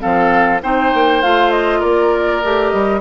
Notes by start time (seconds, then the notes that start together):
0.00 F3 C4 A4 F5
0.63 C4 D#4 C5 G5
0.94 A#3
1.23 A3 F4 F5
1.52 D#5
1.80 A#3 A#4 D5
2.44 A3 G4
2.71 G3 D#5